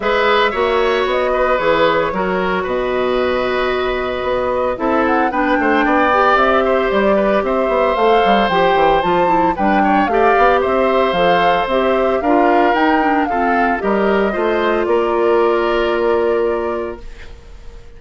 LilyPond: <<
  \new Staff \with { instrumentName = "flute" } { \time 4/4 \tempo 4 = 113 e''2 dis''4 cis''4~ | cis''4 dis''2.~ | dis''4 e''8 fis''8 g''2 | e''4 d''4 e''4 f''4 |
g''4 a''4 g''4 f''4 | e''4 f''4 e''4 f''4 | g''4 f''4 dis''2 | d''1 | }
  \new Staff \with { instrumentName = "oboe" } { \time 4/4 b'4 cis''4. b'4. | ais'4 b'2.~ | b'4 a'4 b'8 c''8 d''4~ | d''8 c''4 b'8 c''2~ |
c''2 b'8 cis''8 d''4 | c''2. ais'4~ | ais'4 a'4 ais'4 c''4 | ais'1 | }
  \new Staff \with { instrumentName = "clarinet" } { \time 4/4 gis'4 fis'2 gis'4 | fis'1~ | fis'4 e'4 d'4. g'8~ | g'2. a'4 |
g'4 f'8 e'8 d'4 g'4~ | g'4 a'4 g'4 f'4 | dis'8 d'8 c'4 g'4 f'4~ | f'1 | }
  \new Staff \with { instrumentName = "bassoon" } { \time 4/4 gis4 ais4 b4 e4 | fis4 b,2. | b4 c'4 b8 a8 b4 | c'4 g4 c'8 b8 a8 g8 |
f8 e8 f4 g4 a8 b8 | c'4 f4 c'4 d'4 | dis'4 f'4 g4 a4 | ais1 | }
>>